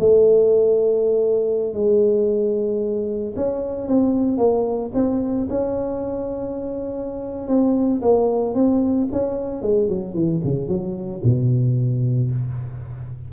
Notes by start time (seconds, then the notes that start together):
0.00 A3
1.74 G#3
3.36 C#4
3.88 C4
4.38 A#3
4.95 C4
5.50 C#4
7.48 C4
8.02 A#3
8.55 C4
9.12 C#4
9.63 G#3
9.89 F#3
10.14 E3
10.45 C#3
10.69 F#3
11.24 B2